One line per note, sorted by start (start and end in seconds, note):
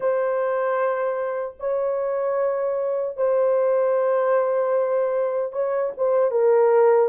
0.00 1.55 C5
1.59 3.17 C#5
3.17 5.52 C5
5.52 5.91 C#5
5.97 6.31 C5
6.31 7.09 A#4